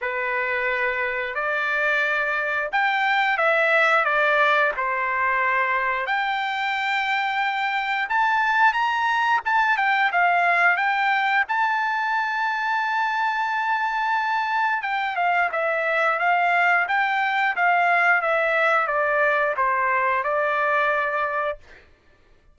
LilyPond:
\new Staff \with { instrumentName = "trumpet" } { \time 4/4 \tempo 4 = 89 b'2 d''2 | g''4 e''4 d''4 c''4~ | c''4 g''2. | a''4 ais''4 a''8 g''8 f''4 |
g''4 a''2.~ | a''2 g''8 f''8 e''4 | f''4 g''4 f''4 e''4 | d''4 c''4 d''2 | }